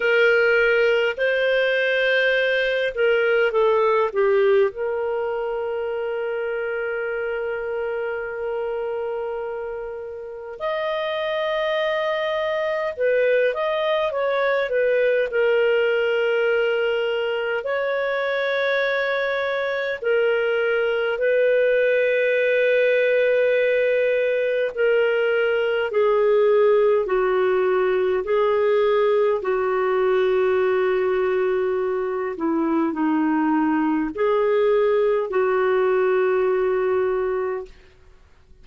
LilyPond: \new Staff \with { instrumentName = "clarinet" } { \time 4/4 \tempo 4 = 51 ais'4 c''4. ais'8 a'8 g'8 | ais'1~ | ais'4 dis''2 b'8 dis''8 | cis''8 b'8 ais'2 cis''4~ |
cis''4 ais'4 b'2~ | b'4 ais'4 gis'4 fis'4 | gis'4 fis'2~ fis'8 e'8 | dis'4 gis'4 fis'2 | }